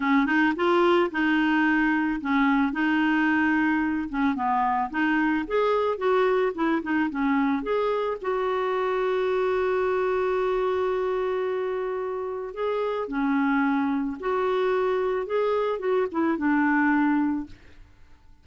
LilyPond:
\new Staff \with { instrumentName = "clarinet" } { \time 4/4 \tempo 4 = 110 cis'8 dis'8 f'4 dis'2 | cis'4 dis'2~ dis'8 cis'8 | b4 dis'4 gis'4 fis'4 | e'8 dis'8 cis'4 gis'4 fis'4~ |
fis'1~ | fis'2. gis'4 | cis'2 fis'2 | gis'4 fis'8 e'8 d'2 | }